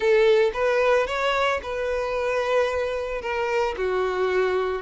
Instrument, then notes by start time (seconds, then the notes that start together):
violin
0.00 A4
0.53 B4
1.07 C#5
1.62 B4
3.21 A#4
3.77 F#4